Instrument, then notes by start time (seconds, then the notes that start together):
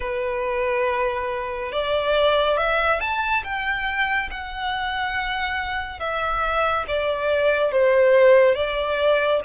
violin
0.00 B4
1.71 D5
2.57 E5
3.00 A5
3.43 G5
4.31 F#5
5.99 E5
6.87 D5
7.71 C5
8.54 D5